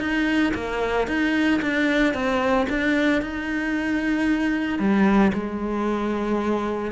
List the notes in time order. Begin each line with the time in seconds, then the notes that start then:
0.00 D#4
0.54 A#3
1.08 D#4
1.62 D4
2.14 C4
2.70 D4
3.22 D#4
4.79 G3
5.34 G#3